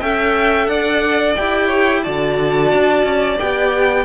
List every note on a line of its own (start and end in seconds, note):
0.00 0.67 C#4
0.00 1.37 A4
0.00 0.70 E5
0.00 0.67 G5
0.67 1.35 D4
0.67 1.67 D5
0.67 1.34 F#5
1.36 2.07 E4
1.36 2.04 G4
1.36 2.03 G5
1.67 2.01 C#5
2.03 2.72 D3
2.03 3.38 F#4
2.03 4.05 D5
2.03 3.38 A5
2.72 3.03 D4
3.03 3.37 C#4
3.38 4.05 B3
3.38 4.05 G4
3.38 4.05 G5